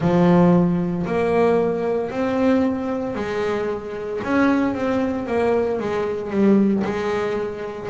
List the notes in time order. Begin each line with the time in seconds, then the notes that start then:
0.00 F3
1.06 A#3
2.10 C4
3.15 G#3
4.23 C#4
4.74 C4
5.26 A#3
5.79 G#3
6.30 G3
6.84 G#3